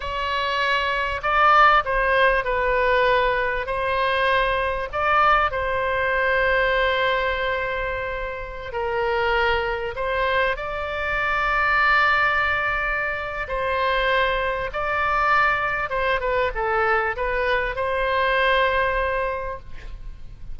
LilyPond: \new Staff \with { instrumentName = "oboe" } { \time 4/4 \tempo 4 = 98 cis''2 d''4 c''4 | b'2 c''2 | d''4 c''2.~ | c''2~ c''16 ais'4.~ ais'16~ |
ais'16 c''4 d''2~ d''8.~ | d''2 c''2 | d''2 c''8 b'8 a'4 | b'4 c''2. | }